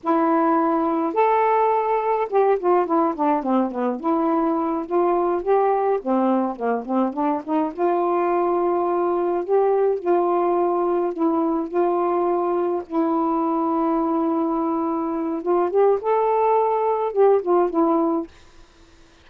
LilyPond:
\new Staff \with { instrumentName = "saxophone" } { \time 4/4 \tempo 4 = 105 e'2 a'2 | g'8 f'8 e'8 d'8 c'8 b8 e'4~ | e'8 f'4 g'4 c'4 ais8 | c'8 d'8 dis'8 f'2~ f'8~ |
f'8 g'4 f'2 e'8~ | e'8 f'2 e'4.~ | e'2. f'8 g'8 | a'2 g'8 f'8 e'4 | }